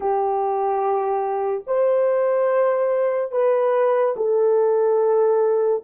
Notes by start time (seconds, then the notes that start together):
0.00 G4
1.67 C5
3.31 B4
4.16 A4